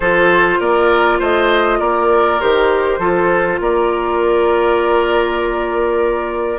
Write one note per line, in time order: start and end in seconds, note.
0.00 0.58 F3
0.00 2.40 F4
0.00 0.59 A4
0.00 0.60 C5
0.59 1.20 A#3
0.59 1.19 A#4
0.59 1.20 D5
1.19 1.79 A3
1.19 1.79 C5
1.19 1.80 D#5
1.79 2.39 A#3
1.79 2.99 A#4
1.79 2.40 D5
2.40 2.98 D#3
2.40 3.00 G4
2.40 3.60 C5
2.98 3.58 F3
2.98 6.58 F4
2.98 3.59 A4
3.60 6.58 A#3
3.60 6.58 A#4
3.60 6.58 D5